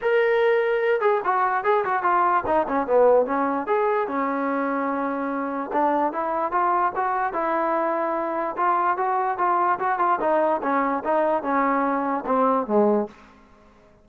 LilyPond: \new Staff \with { instrumentName = "trombone" } { \time 4/4 \tempo 4 = 147 ais'2~ ais'8 gis'8 fis'4 | gis'8 fis'8 f'4 dis'8 cis'8 b4 | cis'4 gis'4 cis'2~ | cis'2 d'4 e'4 |
f'4 fis'4 e'2~ | e'4 f'4 fis'4 f'4 | fis'8 f'8 dis'4 cis'4 dis'4 | cis'2 c'4 gis4 | }